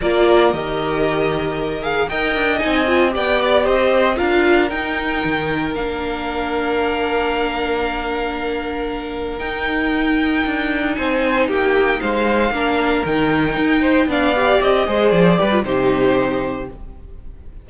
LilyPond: <<
  \new Staff \with { instrumentName = "violin" } { \time 4/4 \tempo 4 = 115 d''4 dis''2~ dis''8 f''8 | g''4 gis''4 g''8 d''8 dis''4 | f''4 g''2 f''4~ | f''1~ |
f''2 g''2~ | g''4 gis''4 g''4 f''4~ | f''4 g''2 f''4 | dis''4 d''4 c''2 | }
  \new Staff \with { instrumentName = "violin" } { \time 4/4 ais'1 | dis''2 d''4 c''4 | ais'1~ | ais'1~ |
ais'1~ | ais'4 c''4 g'4 c''4 | ais'2~ ais'8 c''8 d''4~ | d''8 c''4 b'8 g'2 | }
  \new Staff \with { instrumentName = "viola" } { \time 4/4 f'4 g'2~ g'8 gis'8 | ais'4 dis'8 f'8 g'2 | f'4 dis'2 d'4~ | d'1~ |
d'2 dis'2~ | dis'1 | d'4 dis'2 d'8 g'8~ | g'8 gis'4 g'16 f'16 dis'2 | }
  \new Staff \with { instrumentName = "cello" } { \time 4/4 ais4 dis2. | dis'8 d'8 c'4 b4 c'4 | d'4 dis'4 dis4 ais4~ | ais1~ |
ais2 dis'2 | d'4 c'4 ais4 gis4 | ais4 dis4 dis'4 b4 | c'8 gis8 f8 g8 c2 | }
>>